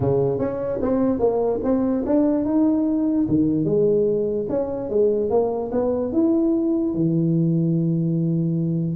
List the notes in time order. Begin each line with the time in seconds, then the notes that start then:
0.00 C#3
0.39 C#4
0.81 C4
1.19 A#3
1.63 C4
2.06 D4
2.45 D#4
3.28 D#3
3.64 G#3
4.49 C#4
4.89 G#3
5.30 A#3
5.71 B3
6.12 E4
6.94 E3